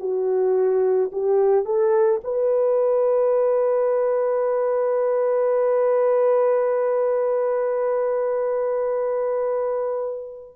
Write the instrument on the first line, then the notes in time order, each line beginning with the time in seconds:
horn
0.00 F#4
1.13 G4
1.65 A4
2.24 B4